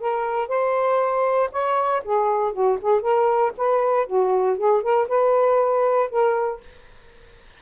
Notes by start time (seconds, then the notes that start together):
0.00 A#4
0.48 C5
1.52 C#5
2.05 G#4
2.53 F#4
2.81 G#4
3.01 A#4
3.57 B4
4.06 F#4
4.57 G#4
4.82 A#4
5.08 B4
6.10 A#4